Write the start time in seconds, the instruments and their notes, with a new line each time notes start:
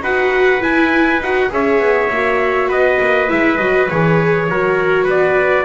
0.00 double bass D#4, viola F#4, trumpet B4 F#5
0.61 viola E4, double bass E4, trumpet G#5
1.20 double bass D#4, viola F#4, trumpet F#5
1.50 double bass C#4, viola G#4, trumpet C#5 E5
1.79 double bass B3
2.10 double bass A#3, viola F#4
2.68 double bass B3, trumpet B4 D#5
3.00 double bass A#3
3.28 double bass G#3, viola E4, trumpet E5
3.58 double bass F#3, viola F#4, trumpet D#5
3.89 double bass E3, viola G#4, trumpet C#5
4.49 double bass F#3, viola F#4, trumpet A#4
5.04 double bass B3, trumpet B4
5.10 trumpet D5